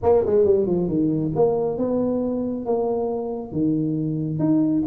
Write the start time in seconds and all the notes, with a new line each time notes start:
0.02 A#3
0.25 G#3
0.44 G3
0.66 F3
0.88 D#3
1.35 A#3
1.77 B3
2.65 A#3
3.52 D#3
4.39 D#4